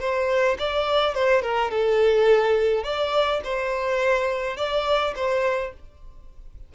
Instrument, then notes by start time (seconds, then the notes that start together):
violin
0.00 C5
0.59 D5
1.14 C5
1.42 A#4
1.71 A4
2.83 D5
3.44 C5
4.57 D5
5.15 C5